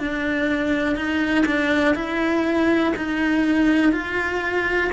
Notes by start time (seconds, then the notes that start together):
0.00 D4
0.96 D#4
1.46 D4
1.95 E4
2.96 D#4
3.93 F4